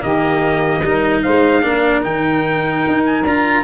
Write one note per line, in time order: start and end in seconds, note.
0.00 0.83 D#3
0.00 0.81 A#3
0.00 0.83 G4
0.00 1.23 D#5
0.83 1.23 G3
0.83 1.63 D#4
0.83 1.23 A#4
1.23 1.64 G#3
1.23 1.64 C5
1.23 2.03 F5
1.63 2.04 A#3
1.63 2.03 D4
1.63 3.65 A#4
2.03 2.85 D#3
2.03 3.23 D#4
2.03 3.05 G5
2.88 3.24 D#4
3.05 3.26 G#5
3.24 3.64 D4
3.24 3.65 F4
3.24 3.65 A#5